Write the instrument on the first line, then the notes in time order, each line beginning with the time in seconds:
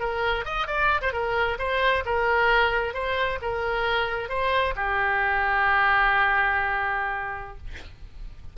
oboe
0.00 A#4
0.45 D#5
0.67 D5
1.02 C5
1.13 A#4
1.59 C5
2.05 A#4
2.94 C5
3.42 A#4
4.29 C5
4.76 G4